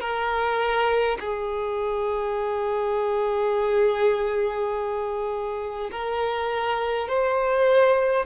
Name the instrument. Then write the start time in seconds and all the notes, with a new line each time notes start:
violin
0.00 A#4
1.20 G#4
5.91 A#4
7.08 C5